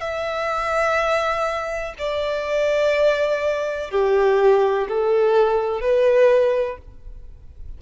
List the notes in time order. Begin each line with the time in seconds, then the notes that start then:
0.00 E5
1.98 D5
3.91 G4
4.88 A4
5.81 B4